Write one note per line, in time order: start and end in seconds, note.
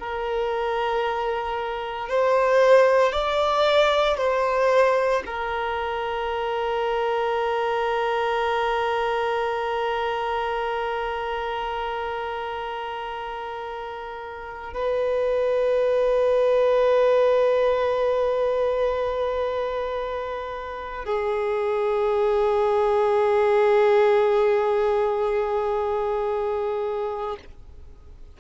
0.00 2.10 A#4
2.10 3.12 C5
3.12 4.18 D5
4.18 5.23 C5
5.26 14.74 A#4
14.74 21.06 B4
21.06 27.37 G#4